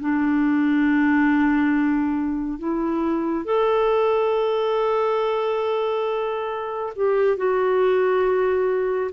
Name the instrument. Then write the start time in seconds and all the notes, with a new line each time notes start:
clarinet
0.00 D4
2.58 E4
3.45 A4
6.96 G4
7.37 F#4